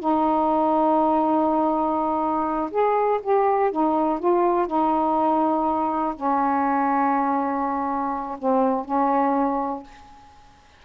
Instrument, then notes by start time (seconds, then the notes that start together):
saxophone
0.00 D#4
2.71 G#4
3.23 G4
3.71 D#4
4.20 F4
4.67 D#4
6.16 C#4
8.39 C4
8.85 C#4